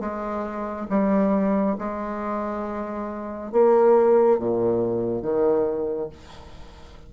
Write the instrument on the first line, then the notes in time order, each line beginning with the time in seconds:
bassoon
0.00 G#3
0.89 G3
1.78 G#3
3.52 A#3
4.39 A#2
5.22 D#3